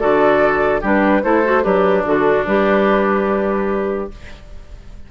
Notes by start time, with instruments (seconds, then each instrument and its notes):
0.00 bassoon D3, clarinet F#4, oboe A4, flute D5
0.81 bassoon G3, clarinet D4, oboe G4, flute B4
1.24 bassoon A3, clarinet E4, oboe A4, flute C5
1.45 clarinet F#4
1.63 bassoon F#3, oboe D4, clarinet G4, flute B4
2.05 bassoon D3, clarinet F#4, flute A4
2.47 bassoon G3, clarinet G4, flute B4